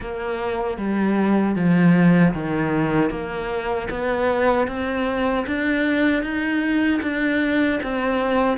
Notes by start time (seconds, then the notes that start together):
0.00 A#3
0.77 G3
1.55 F3
2.33 D#3
3.10 A#3
3.90 B3
4.67 C4
5.47 D4
6.22 D#4
7.02 D4
7.82 C4